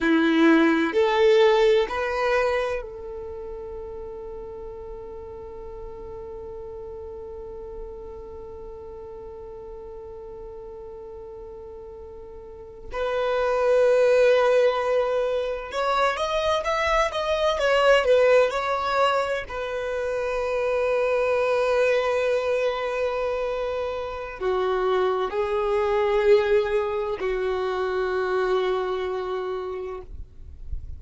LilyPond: \new Staff \with { instrumentName = "violin" } { \time 4/4 \tempo 4 = 64 e'4 a'4 b'4 a'4~ | a'1~ | a'1~ | a'4.~ a'16 b'2~ b'16~ |
b'8. cis''8 dis''8 e''8 dis''8 cis''8 b'8 cis''16~ | cis''8. b'2.~ b'16~ | b'2 fis'4 gis'4~ | gis'4 fis'2. | }